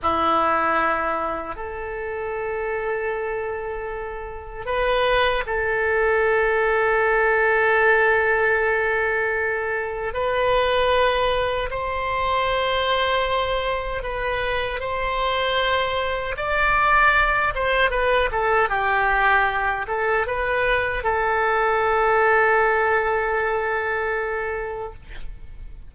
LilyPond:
\new Staff \with { instrumentName = "oboe" } { \time 4/4 \tempo 4 = 77 e'2 a'2~ | a'2 b'4 a'4~ | a'1~ | a'4 b'2 c''4~ |
c''2 b'4 c''4~ | c''4 d''4. c''8 b'8 a'8 | g'4. a'8 b'4 a'4~ | a'1 | }